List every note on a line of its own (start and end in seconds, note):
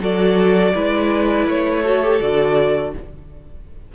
0.00 0.73 F#3
0.00 0.74 F#4
0.00 0.73 A4
0.00 1.49 D5
0.74 1.47 G#3
0.74 1.84 E4
0.74 1.82 B4
1.47 2.20 A3
1.47 2.21 C#5
1.82 2.03 F#4
1.82 2.92 A4
2.03 2.21 G4
2.21 2.94 D3
2.21 2.94 F#4
2.21 2.94 D5